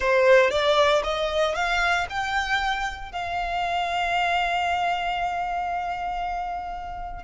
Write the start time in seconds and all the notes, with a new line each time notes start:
0.00 C5
0.50 D5
1.03 D#5
1.55 F5
2.09 G5
3.12 F5